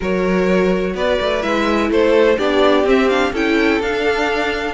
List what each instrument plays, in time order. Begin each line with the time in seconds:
0.00 cello F#3, viola F#4, violin A#4 C#5
0.94 cello B3, violin B4 D5
1.21 cello A3
1.41 cello G#3, viola E4, violin E5
1.89 cello A3, violin A4 C5
2.38 cello B3, viola D4, violin G4 D5
2.84 cello C4, viola C4, violin E5
3.09 viola D4, violin F5
3.32 cello C#4, viola E4, violin A4 G5
3.80 cello D4, viola D4, violin F5